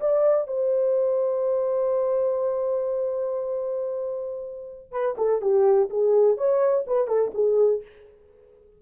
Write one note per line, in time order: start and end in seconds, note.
0.00 0.47 D5
0.47 4.91 C5
4.91 5.15 B4
5.17 5.41 A4
5.41 5.89 G4
5.90 6.37 G#4
6.37 6.85 C#5
6.87 7.07 B4
7.07 7.31 A4
7.34 7.82 G#4